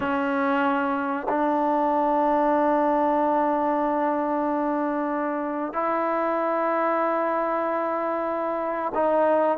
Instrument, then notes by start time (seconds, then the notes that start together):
trombone
0.00 C#4
1.29 D4
5.73 E4
8.94 D#4